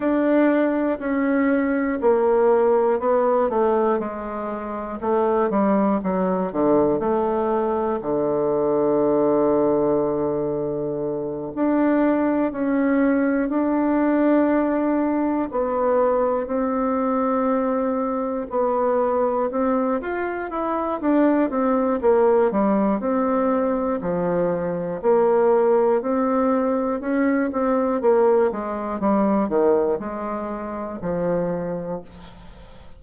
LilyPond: \new Staff \with { instrumentName = "bassoon" } { \time 4/4 \tempo 4 = 60 d'4 cis'4 ais4 b8 a8 | gis4 a8 g8 fis8 d8 a4 | d2.~ d8 d'8~ | d'8 cis'4 d'2 b8~ |
b8 c'2 b4 c'8 | f'8 e'8 d'8 c'8 ais8 g8 c'4 | f4 ais4 c'4 cis'8 c'8 | ais8 gis8 g8 dis8 gis4 f4 | }